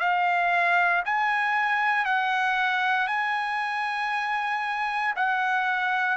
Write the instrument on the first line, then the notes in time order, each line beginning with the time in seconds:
trumpet
0.00 F5
1.06 G#5
2.06 F#5
3.08 G#5
5.16 F#5